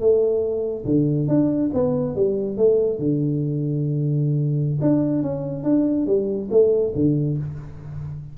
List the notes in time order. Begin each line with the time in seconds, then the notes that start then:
0.00 A3
0.85 D3
1.28 D4
1.74 B3
2.15 G3
2.57 A3
2.99 D3
4.81 D4
5.23 C#4
5.64 D4
6.06 G3
6.51 A3
6.95 D3